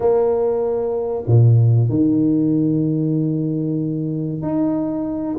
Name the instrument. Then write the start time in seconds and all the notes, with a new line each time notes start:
tuba
0.00 A#3
1.27 A#2
1.89 D#3
4.42 D#4